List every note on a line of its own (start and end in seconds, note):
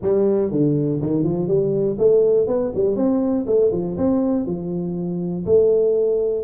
0.02 0.51 G3
0.51 1.00 D3
1.01 1.23 D#3
1.23 1.47 F3
1.47 1.97 G3
1.98 2.47 A3
2.47 2.71 B3
2.74 2.95 G3
2.95 3.45 C4
3.46 3.71 A3
3.72 3.96 F3
3.97 4.45 C4
4.45 5.45 F3
5.45 6.44 A3